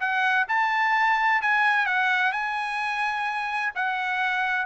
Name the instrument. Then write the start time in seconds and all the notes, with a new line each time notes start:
trumpet
0.00 F#5
0.49 A5
1.42 G#5
1.87 F#5
2.33 G#5
3.76 F#5